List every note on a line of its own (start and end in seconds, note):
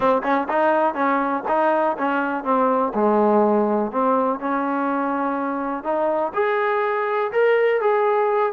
0.00 0.22 C4
0.23 0.47 C#4
0.49 0.94 D#4
0.94 1.43 C#4
1.48 1.96 D#4
1.98 2.43 C#4
2.43 2.92 C4
2.94 3.91 G#3
3.91 4.39 C4
4.39 5.83 C#4
5.83 6.32 D#4
6.34 7.31 G#4
7.31 7.80 A#4
7.80 8.53 G#4